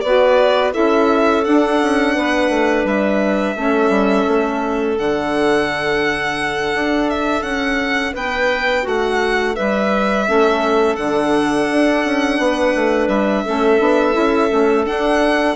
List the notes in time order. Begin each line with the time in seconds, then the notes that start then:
0.00 B3 F#4 B4 D5
0.71 C#4 E4 A4 E5
1.43 D4 F#5
1.81 C#4
2.14 B3 B4
2.49 A3
2.84 G3 E5
3.55 A3 C#4 A4
3.89 G3
4.27 A3
4.96 D3 D4 F#5
6.74 D4
7.09 E5
7.42 C#4 F#5
8.12 B3 B4 G5
8.83 A3 F#4 F#5
9.54 G3 B4 E5
10.25 A3 C#4 A4
10.95 D3 D4 F#5
11.70 D4
12.04 C#4
12.38 B3 B4
12.75 A3
13.07 G3 E5
13.45 A3 C#4 A4
13.79 B3 D4
14.12 C#4 E4
14.49 A3 C#4
14.85 D4 F#5